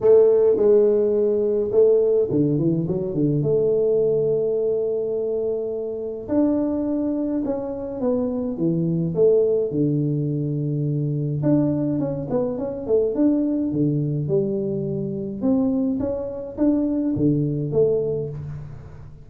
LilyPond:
\new Staff \with { instrumentName = "tuba" } { \time 4/4 \tempo 4 = 105 a4 gis2 a4 | d8 e8 fis8 d8 a2~ | a2. d'4~ | d'4 cis'4 b4 e4 |
a4 d2. | d'4 cis'8 b8 cis'8 a8 d'4 | d4 g2 c'4 | cis'4 d'4 d4 a4 | }